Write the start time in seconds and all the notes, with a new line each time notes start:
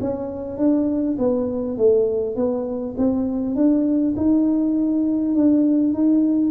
0.00 C#4
0.57 D4
1.18 B3
1.77 A3
2.35 B3
2.97 C4
3.55 D4
4.16 D#4
5.35 D4
5.93 D#4